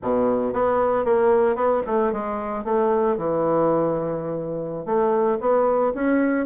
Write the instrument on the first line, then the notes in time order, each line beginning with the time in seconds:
bassoon
0.02 B2
0.53 B3
1.04 A#3
1.55 B3
1.86 A3
2.12 G#3
2.64 A3
3.17 E3
4.85 A3
5.40 B3
5.94 C#4